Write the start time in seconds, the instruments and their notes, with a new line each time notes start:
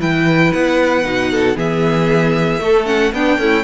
0.00 cello E3, viola E4, violin B4 G5
0.53 cello B3, violin F#5
1.04 cello B2, viola D#4
1.31 violin A4
1.56 cello E3, viola B3, violin G#4 E5
2.59 viola A3, cello A3, violin A4
2.86 viola C#4, violin F#5
3.13 cello B3, viola B3, violin D4 G5
3.38 viola A3, cello C#4, violin E4